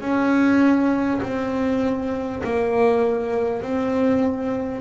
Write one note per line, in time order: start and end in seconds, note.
0.00 1.20 C#4
1.22 2.42 C4
2.43 3.62 A#3
3.62 4.81 C4